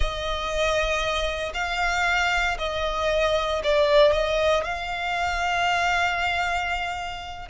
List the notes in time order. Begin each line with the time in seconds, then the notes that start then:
0.00 D#5
1.54 F5
2.58 D#5
3.63 D5
4.12 D#5
4.64 F5